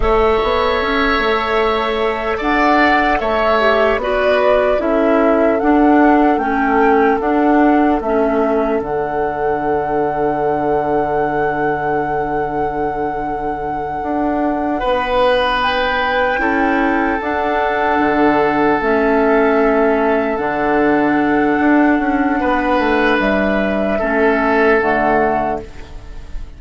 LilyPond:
<<
  \new Staff \with { instrumentName = "flute" } { \time 4/4 \tempo 4 = 75 e''2. fis''4 | e''4 d''4 e''4 fis''4 | g''4 fis''4 e''4 fis''4~ | fis''1~ |
fis''2.~ fis''8 g''8~ | g''4. fis''2 e''8~ | e''4. fis''2~ fis''8~ | fis''4 e''2 fis''4 | }
  \new Staff \with { instrumentName = "oboe" } { \time 4/4 cis''2. d''4 | cis''4 b'4 a'2~ | a'1~ | a'1~ |
a'2~ a'8 b'4.~ | b'8 a'2.~ a'8~ | a'1 | b'2 a'2 | }
  \new Staff \with { instrumentName = "clarinet" } { \time 4/4 a'1~ | a'8 g'8 fis'4 e'4 d'4 | cis'4 d'4 cis'4 d'4~ | d'1~ |
d'1~ | d'8 e'4 d'2 cis'8~ | cis'4. d'2~ d'8~ | d'2 cis'4 a4 | }
  \new Staff \with { instrumentName = "bassoon" } { \time 4/4 a8 b8 cis'8 a4. d'4 | a4 b4 cis'4 d'4 | a4 d'4 a4 d4~ | d1~ |
d4. d'4 b4.~ | b8 cis'4 d'4 d4 a8~ | a4. d4. d'8 cis'8 | b8 a8 g4 a4 d4 | }
>>